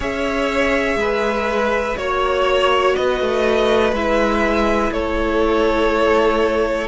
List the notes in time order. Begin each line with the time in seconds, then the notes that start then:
0.00 C#4 G#4 C#5 E5
0.95 G#3 B4
1.96 A#3 F#4 C#5
2.95 B3 B4 D#5
3.20 A3
3.92 G#3 E4 E5
4.91 A3 A4 C#5